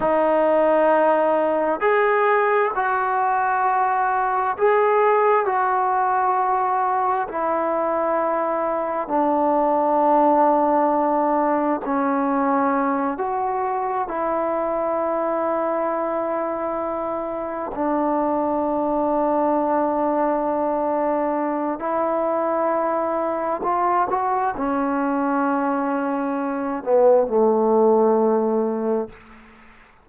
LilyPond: \new Staff \with { instrumentName = "trombone" } { \time 4/4 \tempo 4 = 66 dis'2 gis'4 fis'4~ | fis'4 gis'4 fis'2 | e'2 d'2~ | d'4 cis'4. fis'4 e'8~ |
e'2.~ e'8 d'8~ | d'1 | e'2 f'8 fis'8 cis'4~ | cis'4. b8 a2 | }